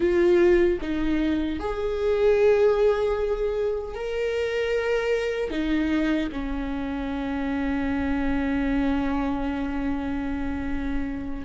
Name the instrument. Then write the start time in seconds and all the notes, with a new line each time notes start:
viola
0.00 F4
0.81 D#4
1.59 G#4
3.94 A#4
5.50 D#4
6.32 C#4